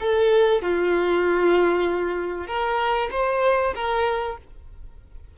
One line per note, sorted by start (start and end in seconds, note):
0.00 0.62 A4
0.62 2.47 F4
2.47 3.10 A#4
3.12 3.74 C5
3.75 4.38 A#4